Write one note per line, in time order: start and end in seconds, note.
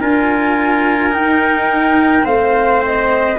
0.00 1.14 D4
0.00 1.10 F4
0.00 2.25 A#4
0.00 1.14 G#5
1.10 2.23 D#4
1.10 2.25 D#4
1.10 2.26 G5
2.23 3.38 A3
2.23 3.36 C4
2.23 3.38 C5
2.23 2.83 F5
2.85 3.39 D#5